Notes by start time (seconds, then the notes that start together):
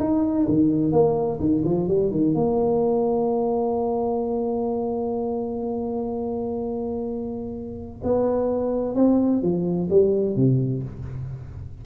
0.00 D#4
0.49 D#3
0.93 A#3
1.40 D#3
1.65 F3
1.88 G3
2.11 D#3
2.35 A#3
8.04 B3
8.95 C4
9.43 F3
9.90 G3
10.36 C3